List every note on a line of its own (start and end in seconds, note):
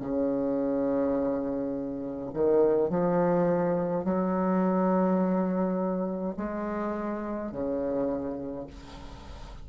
0.00 2.31 C#3
2.33 2.90 D#3
2.90 4.04 F3
4.04 6.35 F#3
6.36 7.51 G#3
7.51 8.66 C#3